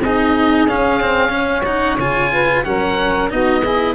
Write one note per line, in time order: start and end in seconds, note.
0.00 0.66 C4
0.00 0.69 D#4
0.00 1.32 G#4
0.00 0.69 D#5
0.67 1.98 C#4
0.67 1.01 C#4
0.67 1.64 F5
1.01 1.30 C4
1.30 1.62 C#4
1.36 2.32 C#5
1.64 1.99 D#4
1.64 1.97 F#5
1.98 2.64 C#3
1.98 2.65 F4
1.98 2.64 G#5
2.32 2.65 B4
2.64 3.32 F#3
2.64 3.30 C#4
2.64 3.32 A#4
2.64 3.30 F#5
3.30 3.95 B3
3.30 3.63 D#4
3.30 3.62 F#4
3.30 3.95 D#5
3.62 3.95 E4
3.62 3.95 G#4